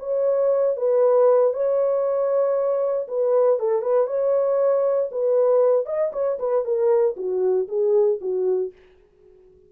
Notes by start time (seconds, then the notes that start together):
0.00 C#5
0.77 B4
1.54 C#5
3.08 B4
3.60 A4
3.82 B4
4.07 C#5
5.12 B4
5.86 D#5
6.13 C#5
6.39 B4
6.65 A#4
7.17 F#4
7.69 G#4
8.21 F#4